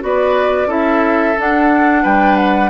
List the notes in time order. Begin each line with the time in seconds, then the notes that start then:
0.00 B3 F#4 B4 D5
0.66 C#4 E4 A4 E5
1.38 D4 F#5
2.02 G3 B4 G5
2.36 F#5